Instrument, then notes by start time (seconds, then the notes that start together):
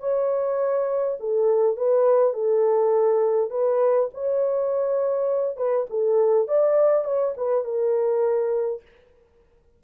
horn
0.00 C#5
1.20 A4
1.77 B4
2.34 A4
3.51 B4
4.14 C#5
5.57 B4
5.90 A4
6.48 D5
7.05 C#5
7.37 B4
7.64 A#4